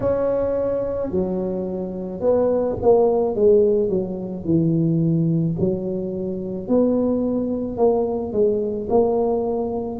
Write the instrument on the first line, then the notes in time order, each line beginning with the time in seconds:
tuba
0.00 C#4
1.11 F#3
2.20 B3
2.82 A#3
3.35 G#3
3.89 F#3
4.44 E3
5.59 F#3
6.68 B3
7.77 A#3
8.32 G#3
8.89 A#3